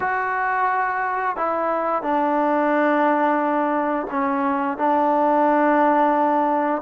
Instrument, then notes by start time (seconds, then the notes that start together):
trombone
0.00 F#4
1.36 E4
2.02 D4
4.10 C#4
4.77 D4